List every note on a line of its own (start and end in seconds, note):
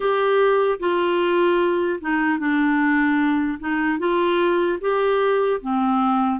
0.00 0.79 G4
0.79 1.99 F4
2.00 2.38 D#4
2.38 3.58 D4
3.59 3.98 D#4
3.98 4.78 F4
4.80 5.60 G4
5.61 6.40 C4